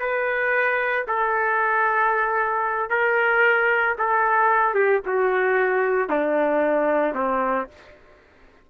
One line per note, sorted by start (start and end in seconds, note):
0.00 1.06 B4
1.07 2.90 A4
2.90 3.96 A#4
3.98 4.74 A4
4.74 5.01 G4
5.06 6.10 F#4
6.10 7.15 D4
7.15 7.68 C4